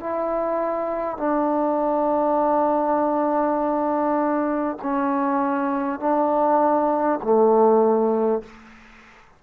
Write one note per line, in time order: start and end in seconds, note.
0.00 1.17 E4
1.17 4.77 D4
4.83 5.99 C#4
5.99 7.19 D4
7.23 8.43 A3